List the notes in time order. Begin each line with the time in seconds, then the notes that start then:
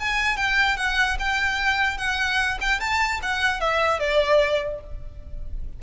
0.00 G#5
0.37 G5
0.77 F#5
1.19 G5
1.98 F#5
2.61 G5
2.80 A5
3.23 F#5
3.61 E5
4.00 D5